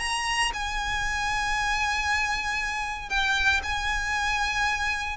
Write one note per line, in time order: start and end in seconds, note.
0.00 0.52 A#5
0.54 3.10 G#5
3.10 3.62 G5
3.63 5.17 G#5